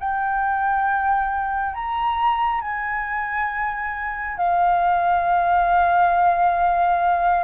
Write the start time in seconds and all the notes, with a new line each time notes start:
0.00 G5
1.75 A#5
2.61 G#5
4.38 F5